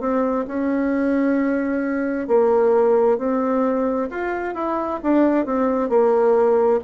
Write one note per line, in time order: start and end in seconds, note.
0.00 0.45 C4
0.48 2.28 C#4
2.28 3.18 A#3
3.18 4.09 C4
4.11 4.55 F4
4.55 5.00 E4
5.03 5.46 D4
5.46 5.89 C4
5.89 6.80 A#3